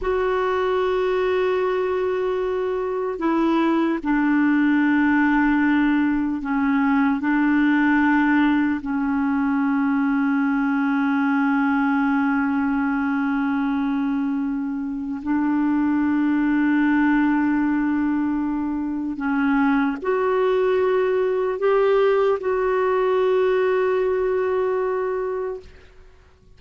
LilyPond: \new Staff \with { instrumentName = "clarinet" } { \time 4/4 \tempo 4 = 75 fis'1 | e'4 d'2. | cis'4 d'2 cis'4~ | cis'1~ |
cis'2. d'4~ | d'1 | cis'4 fis'2 g'4 | fis'1 | }